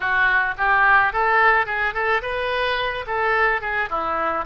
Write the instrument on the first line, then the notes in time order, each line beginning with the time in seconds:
oboe
0.00 F#4
0.57 G4
1.12 A4
1.66 G#4
1.93 A4
2.21 B4
3.07 A4
3.61 G#4
3.89 E4